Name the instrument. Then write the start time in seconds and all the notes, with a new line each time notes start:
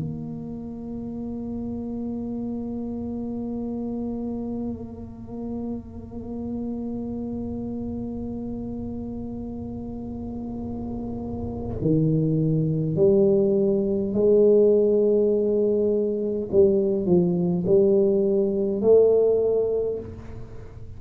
tuba
0.00 A#3
11.82 D#3
12.96 G3
14.14 G#3
16.52 G3
17.06 F3
17.67 G3
18.82 A3